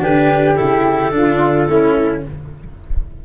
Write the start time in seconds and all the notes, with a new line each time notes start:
0.00 D3 D4 G4 B4
0.55 C#3 E4 A4
1.12 D3 D4 F4
1.67 A3 C#4 E4